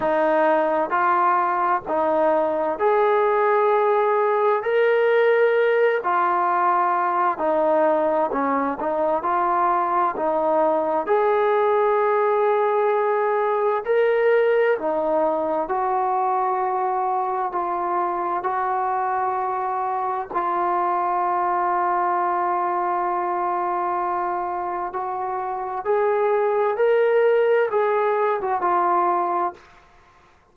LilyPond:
\new Staff \with { instrumentName = "trombone" } { \time 4/4 \tempo 4 = 65 dis'4 f'4 dis'4 gis'4~ | gis'4 ais'4. f'4. | dis'4 cis'8 dis'8 f'4 dis'4 | gis'2. ais'4 |
dis'4 fis'2 f'4 | fis'2 f'2~ | f'2. fis'4 | gis'4 ais'4 gis'8. fis'16 f'4 | }